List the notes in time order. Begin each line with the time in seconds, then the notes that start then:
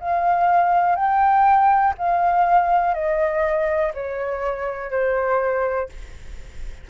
0.00 F5
0.96 G5
1.98 F5
2.94 D#5
3.94 C#5
4.91 C5